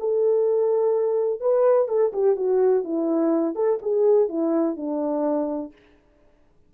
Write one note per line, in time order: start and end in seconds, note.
0.00 1.41 A4
1.41 1.88 B4
1.88 2.12 A4
2.13 2.36 G4
2.36 2.84 F#4
2.84 3.56 E4
3.56 3.80 A4
3.82 4.29 G#4
4.29 4.77 E4
4.77 5.73 D4